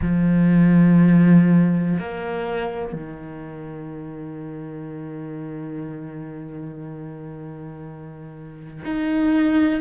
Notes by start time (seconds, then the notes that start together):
0.01 F3
1.99 A#3
2.92 D#3
8.84 D#4